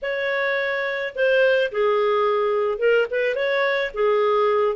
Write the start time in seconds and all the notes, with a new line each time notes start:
0.02 C#5
1.15 C5
1.71 G#4
2.78 A#4
3.10 B4
3.35 C#5
3.94 G#4